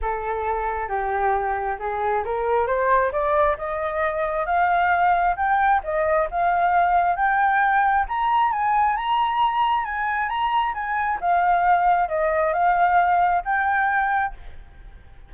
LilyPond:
\new Staff \with { instrumentName = "flute" } { \time 4/4 \tempo 4 = 134 a'2 g'2 | gis'4 ais'4 c''4 d''4 | dis''2 f''2 | g''4 dis''4 f''2 |
g''2 ais''4 gis''4 | ais''2 gis''4 ais''4 | gis''4 f''2 dis''4 | f''2 g''2 | }